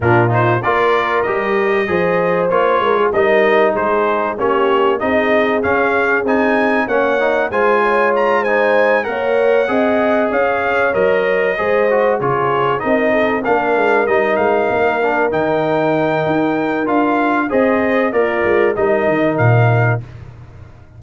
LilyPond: <<
  \new Staff \with { instrumentName = "trumpet" } { \time 4/4 \tempo 4 = 96 ais'8 c''8 d''4 dis''2 | cis''4 dis''4 c''4 cis''4 | dis''4 f''4 gis''4 fis''4 | gis''4 ais''8 gis''4 fis''4.~ |
fis''8 f''4 dis''2 cis''8~ | cis''8 dis''4 f''4 dis''8 f''4~ | f''8 g''2~ g''8 f''4 | dis''4 d''4 dis''4 f''4 | }
  \new Staff \with { instrumentName = "horn" } { \time 4/4 f'4 ais'2 c''4~ | c''8 ais'16 gis'16 ais'4 gis'4 g'4 | gis'2. cis''4 | c''8 cis''4 c''4 cis''4 dis''8~ |
dis''8 cis''2 c''4 gis'8~ | gis'8 ais'8 a'8 ais'2~ ais'8~ | ais'1 | c''4 f'4 ais'2 | }
  \new Staff \with { instrumentName = "trombone" } { \time 4/4 d'8 dis'8 f'4 g'4 gis'4 | f'4 dis'2 cis'4 | dis'4 cis'4 dis'4 cis'8 dis'8 | f'4. dis'4 ais'4 gis'8~ |
gis'4. ais'4 gis'8 fis'8 f'8~ | f'8 dis'4 d'4 dis'4. | d'8 dis'2~ dis'8 f'4 | gis'4 ais'4 dis'2 | }
  \new Staff \with { instrumentName = "tuba" } { \time 4/4 ais,4 ais4 g4 f4 | ais8 gis8 g4 gis4 ais4 | c'4 cis'4 c'4 ais4 | gis2~ gis8 ais4 c'8~ |
c'8 cis'4 fis4 gis4 cis8~ | cis8 c'4 ais8 gis8 g8 gis8 ais8~ | ais8 dis4. dis'4 d'4 | c'4 ais8 gis8 g8 dis8 ais,4 | }
>>